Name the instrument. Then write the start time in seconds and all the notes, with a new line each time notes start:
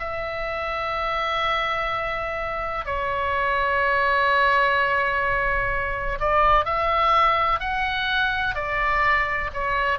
oboe
0.00 E5
2.86 C#5
6.20 D5
6.65 E5
7.60 F#5
8.55 D5
9.54 C#5